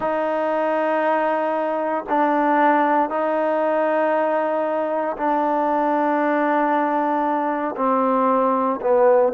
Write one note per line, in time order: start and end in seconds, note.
0.00 2.04 D#4
2.09 3.09 D4
3.09 5.16 D#4
5.16 7.75 D4
7.76 8.79 C4
8.81 9.32 B3